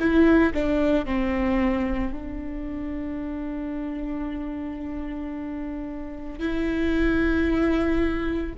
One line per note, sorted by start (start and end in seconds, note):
0.00 0.54 E4
0.54 1.06 D4
1.06 2.13 C4
2.13 6.40 D4
6.40 8.54 E4